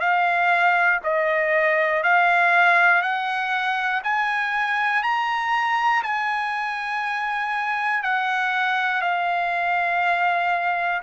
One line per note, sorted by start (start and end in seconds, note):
0.00 1.00 F5
1.03 2.03 D#5
2.03 3.02 F5
3.02 4.02 F#5
4.04 5.03 G#5
5.03 6.03 A#5
6.03 8.03 G#5
8.03 9.01 F#5
9.01 11.01 F5